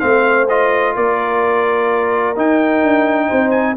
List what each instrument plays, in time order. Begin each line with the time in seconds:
0.00 tuba A3, trombone C4, trumpet F5
0.07 horn C5
0.49 trombone F4, trumpet D#5
0.96 tuba A#3, horn A#4, trumpet D5
2.36 trombone D#4, tuba D#4, trumpet G5
2.83 tuba D4
3.28 tuba C4, horn C5
3.51 trumpet G#5